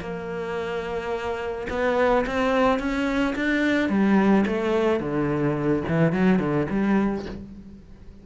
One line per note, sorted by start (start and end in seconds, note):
0.00 1.67 A#3
1.69 2.25 B3
2.26 2.79 C4
2.79 3.34 C#4
3.35 3.89 D4
3.89 4.44 G3
4.46 4.99 A3
4.99 5.83 D3
5.88 6.12 E3
6.12 6.39 F#3
6.39 6.66 D3
6.69 7.25 G3